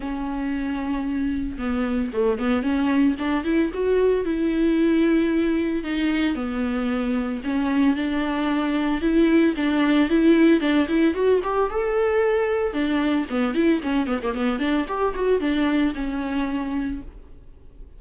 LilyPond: \new Staff \with { instrumentName = "viola" } { \time 4/4 \tempo 4 = 113 cis'2. b4 | a8 b8 cis'4 d'8 e'8 fis'4 | e'2. dis'4 | b2 cis'4 d'4~ |
d'4 e'4 d'4 e'4 | d'8 e'8 fis'8 g'8 a'2 | d'4 b8 e'8 cis'8 b16 ais16 b8 d'8 | g'8 fis'8 d'4 cis'2 | }